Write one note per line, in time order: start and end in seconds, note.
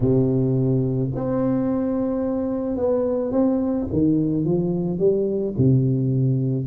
0.00 1.10 C3
1.15 2.76 C4
2.76 3.31 B3
3.31 3.86 C4
3.92 4.44 D#3
4.44 4.98 F3
4.98 5.54 G3
5.57 6.66 C3